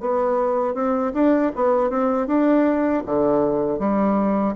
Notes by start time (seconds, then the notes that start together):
0.00 B3
0.74 C4
1.14 D4
1.55 B3
1.90 C4
2.27 D4
3.06 D3
3.79 G3